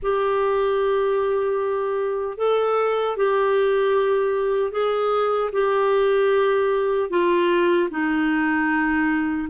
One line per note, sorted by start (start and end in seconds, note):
0.02 2.37 G4
2.37 3.16 A4
3.17 4.71 G4
4.71 5.50 G#4
5.52 7.10 G4
7.10 7.89 F4
7.90 9.48 D#4